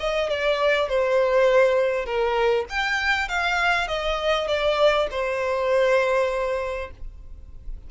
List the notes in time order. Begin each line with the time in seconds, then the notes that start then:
0.00 D#5
0.30 D5
0.89 C5
2.06 A#4
2.70 G5
3.29 F5
3.88 D#5
4.48 D5
5.11 C5